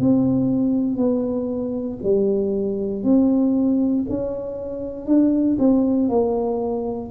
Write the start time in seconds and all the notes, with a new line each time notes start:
0.00 C4
0.97 B3
2.03 G3
3.03 C4
4.09 C#4
5.06 D4
5.59 C4
6.09 A#3